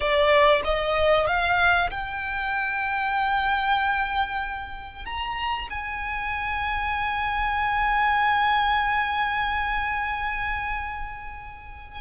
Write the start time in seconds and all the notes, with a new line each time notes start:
0.00 D5
0.64 D#5
1.26 F5
1.90 G5
5.05 A#5
5.70 G#5